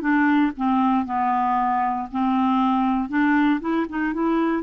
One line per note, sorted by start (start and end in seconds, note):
0.00 0.51 D4
0.56 1.05 C4
1.05 2.08 B3
2.11 3.08 C4
3.08 3.60 D4
3.60 3.86 E4
3.89 4.13 D#4
4.13 4.63 E4